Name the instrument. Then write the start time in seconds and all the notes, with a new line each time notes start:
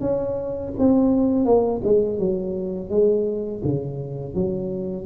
tuba
0.00 C#4
0.78 C4
1.45 A#3
1.84 G#3
2.19 F#3
2.89 G#3
3.64 C#3
4.34 F#3